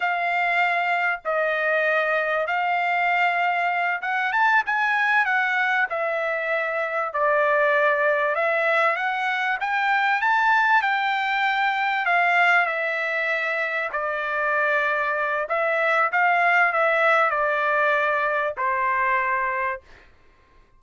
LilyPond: \new Staff \with { instrumentName = "trumpet" } { \time 4/4 \tempo 4 = 97 f''2 dis''2 | f''2~ f''8 fis''8 a''8 gis''8~ | gis''8 fis''4 e''2 d''8~ | d''4. e''4 fis''4 g''8~ |
g''8 a''4 g''2 f''8~ | f''8 e''2 d''4.~ | d''4 e''4 f''4 e''4 | d''2 c''2 | }